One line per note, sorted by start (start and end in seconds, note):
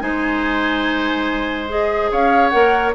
0.00 2.12 G#3
0.00 1.68 D#4
0.00 2.11 C5
0.00 1.69 G#5
1.69 2.53 G#4
1.69 2.12 D#5
2.11 2.54 C#4
2.11 2.95 C#5
2.11 2.49 F5
2.49 2.95 A#3
2.49 2.95 A#4
2.49 2.91 F#5